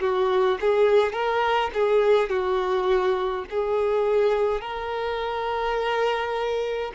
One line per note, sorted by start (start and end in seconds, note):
0.00 0.58 F#4
0.60 1.12 G#4
1.12 1.70 A#4
1.73 2.29 G#4
2.29 3.45 F#4
3.50 4.61 G#4
4.61 6.92 A#4